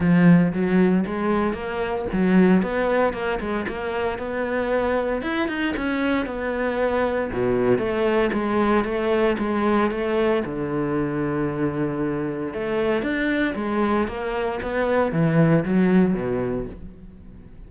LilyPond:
\new Staff \with { instrumentName = "cello" } { \time 4/4 \tempo 4 = 115 f4 fis4 gis4 ais4 | fis4 b4 ais8 gis8 ais4 | b2 e'8 dis'8 cis'4 | b2 b,4 a4 |
gis4 a4 gis4 a4 | d1 | a4 d'4 gis4 ais4 | b4 e4 fis4 b,4 | }